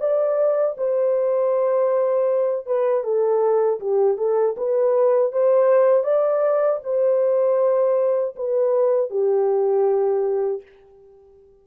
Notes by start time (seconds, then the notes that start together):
0.00 D5
0.77 C5
2.67 B4
3.04 A4
3.80 G4
4.17 A4
4.57 B4
5.32 C5
6.04 D5
6.84 C5
8.36 B4
9.10 G4